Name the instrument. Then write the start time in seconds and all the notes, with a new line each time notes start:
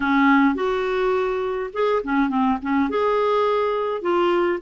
clarinet
0.00 C#4
0.55 F#4
1.73 G#4
2.03 C#4
2.29 C4
2.62 C#4
2.89 G#4
4.01 F4